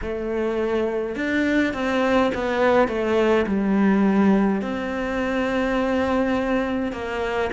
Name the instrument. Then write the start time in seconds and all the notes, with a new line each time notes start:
cello
0.02 A3
1.15 D4
1.73 C4
2.34 B3
2.87 A3
3.46 G3
4.61 C4
6.92 A#3